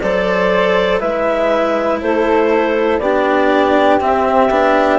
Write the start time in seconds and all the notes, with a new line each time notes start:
0.00 F#3 A4 C5 D5
0.99 G#3 E4 B4 E5
2.00 A3 A4 C5
2.99 B3 D4 G4 D5
4.00 C4 E5
4.49 B3 D4